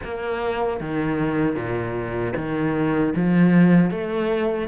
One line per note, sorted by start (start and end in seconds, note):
0.04 0.80 A#3
0.80 1.55 D#3
1.55 2.33 A#2
2.36 3.13 D#3
3.15 3.90 F3
3.90 4.68 A3